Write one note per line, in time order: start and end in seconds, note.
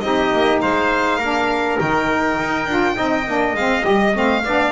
0.00 0.32 C4
0.00 1.21 D#4
0.00 0.61 G4
0.00 0.59 D#5
0.32 0.62 A#3
0.61 1.19 G#3
0.61 1.18 C5
0.61 1.78 F5
1.18 1.77 A#3
1.18 1.79 D4
1.18 2.94 A#4
1.79 2.39 D#3
1.79 2.67 D#4
1.79 3.55 G5
2.39 2.66 D#4
2.66 2.95 D4
2.66 2.95 F4
2.95 3.27 C4
2.95 3.24 D#4
2.95 4.43 D#5
3.27 3.53 A#3
3.27 3.56 D4
3.53 3.83 G#3
3.53 3.82 C4
3.53 3.84 F5
3.82 4.15 G3
3.82 4.12 G4
3.82 4.16 D#5
4.13 4.44 A3
4.13 4.42 C4
4.13 4.71 F5
4.44 4.71 B3
4.44 4.71 D4
4.44 4.71 D5